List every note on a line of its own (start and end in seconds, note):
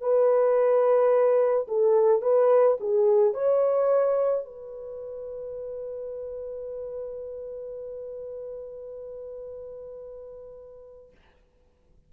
0.00 1.67 B4
1.68 2.21 A4
2.21 2.77 B4
2.80 3.33 G#4
3.33 4.44 C#5
4.44 11.11 B4